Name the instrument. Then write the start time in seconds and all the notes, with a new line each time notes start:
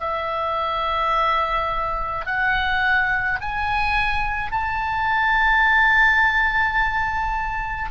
oboe
0.00 E5
2.26 F#5
3.41 G#5
4.51 A5